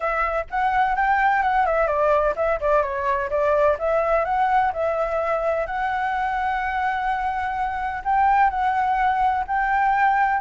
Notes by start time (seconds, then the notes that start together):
0.00 E5
0.50 F#5
0.95 G5
1.42 F#5
1.66 E5
1.87 D5
2.35 E5
2.60 D5
2.82 C#5
3.30 D5
3.78 E5
4.24 F#5
4.72 E5
5.66 F#5
8.04 G5
8.50 F#5
9.47 G5